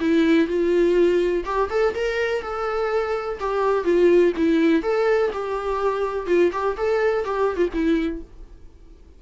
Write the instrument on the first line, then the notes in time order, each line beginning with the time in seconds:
viola
0.00 E4
0.47 F4
1.45 G4
1.70 A4
1.94 A#4
2.42 A4
3.39 G4
3.84 F4
4.36 E4
4.82 A4
5.32 G4
6.26 F4
6.52 G4
6.77 A4
7.24 G4
7.56 F4
7.73 E4